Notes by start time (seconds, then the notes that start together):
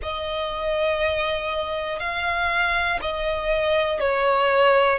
0.02 D#5
2.00 F5
3.01 D#5
4.00 C#5